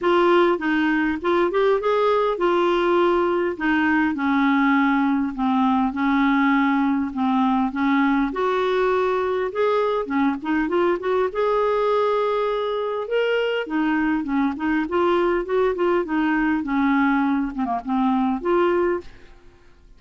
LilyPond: \new Staff \with { instrumentName = "clarinet" } { \time 4/4 \tempo 4 = 101 f'4 dis'4 f'8 g'8 gis'4 | f'2 dis'4 cis'4~ | cis'4 c'4 cis'2 | c'4 cis'4 fis'2 |
gis'4 cis'8 dis'8 f'8 fis'8 gis'4~ | gis'2 ais'4 dis'4 | cis'8 dis'8 f'4 fis'8 f'8 dis'4 | cis'4. c'16 ais16 c'4 f'4 | }